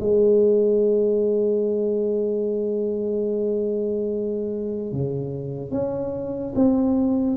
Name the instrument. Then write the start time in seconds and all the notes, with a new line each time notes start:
tuba
0.00 G#3
4.92 C#3
5.71 C#4
6.55 C4